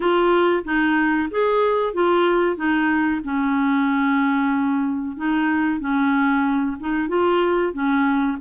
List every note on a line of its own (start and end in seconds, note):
0.00 0.63 F4
0.64 1.28 D#4
1.30 1.93 G#4
1.93 2.56 F4
2.56 3.21 D#4
3.23 5.16 C#4
5.16 5.80 D#4
5.80 6.77 C#4
6.79 7.08 D#4
7.08 7.73 F4
7.73 8.37 C#4